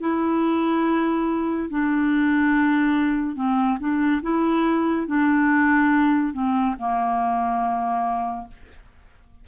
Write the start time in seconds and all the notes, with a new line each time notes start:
0.00 E4
1.69 D4
3.36 C4
3.79 D4
4.22 E4
5.07 D4
6.33 C4
6.78 A#3